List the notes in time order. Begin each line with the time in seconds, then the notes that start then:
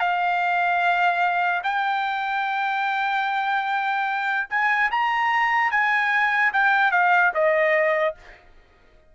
0.00 F5
1.64 G5
4.50 G#5
4.91 A#5
5.71 G#5
6.53 G5
6.92 F5
7.34 D#5